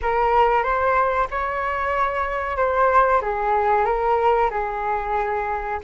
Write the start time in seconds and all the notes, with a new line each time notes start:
0.02 A#4
0.63 C5
1.30 C#5
2.56 C5
3.21 G#4
3.85 A#4
4.50 G#4